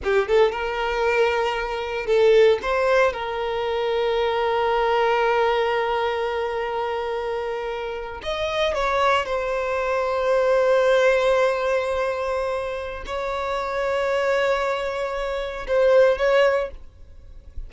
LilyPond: \new Staff \with { instrumentName = "violin" } { \time 4/4 \tempo 4 = 115 g'8 a'8 ais'2. | a'4 c''4 ais'2~ | ais'1~ | ais'2.~ ais'8. dis''16~ |
dis''8. cis''4 c''2~ c''16~ | c''1~ | c''4 cis''2.~ | cis''2 c''4 cis''4 | }